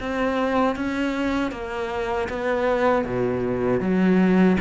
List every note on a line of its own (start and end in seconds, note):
0.00 0.76 C4
0.76 1.52 C#4
1.52 2.29 A#3
2.29 3.05 B3
3.05 3.81 B2
3.81 4.58 F#3